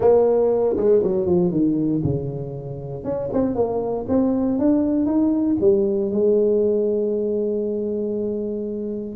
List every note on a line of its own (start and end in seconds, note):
0.00 0.76 A#3
0.76 1.02 G#3
1.03 1.26 F#3
1.26 1.51 F3
1.51 2.02 D#3
2.03 3.03 C#3
3.03 3.29 C#4
3.32 3.55 C4
3.55 4.06 A#3
4.08 4.58 C4
4.58 5.06 D4
5.06 5.57 D#4
5.60 6.11 G3
6.11 9.15 G#3